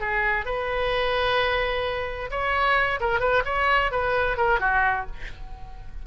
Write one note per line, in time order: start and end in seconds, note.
0.00 0.46 G#4
0.46 2.30 B4
2.31 3.00 C#5
3.00 3.20 A#4
3.20 3.43 B4
3.45 3.91 C#5
3.91 4.37 B4
4.37 4.60 A#4
4.60 5.06 F#4